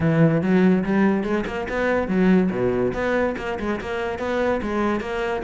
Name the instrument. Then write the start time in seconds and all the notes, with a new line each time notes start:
cello
0.00 E3
0.41 F#3
0.84 G3
1.23 G#3
1.46 A#3
1.68 B3
2.08 F#3
2.50 B2
2.93 B3
3.37 A#3
3.59 G#3
3.80 A#3
4.18 B3
4.62 G#3
5.00 A#3